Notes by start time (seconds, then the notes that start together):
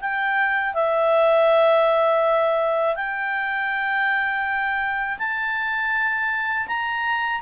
0.00 G5
0.74 E5
2.96 G5
5.18 A5
6.67 A#5